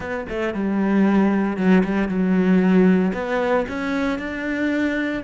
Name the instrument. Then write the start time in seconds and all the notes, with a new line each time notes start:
cello
0.00 B3
0.29 A3
0.54 G3
1.57 F#3
1.84 G3
2.08 F#3
3.13 B3
3.68 C#4
4.18 D4